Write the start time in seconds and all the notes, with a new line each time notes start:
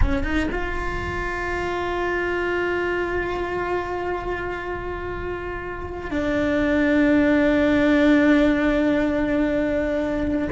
0.01 C#4
0.23 D#4
0.51 F4
6.10 D4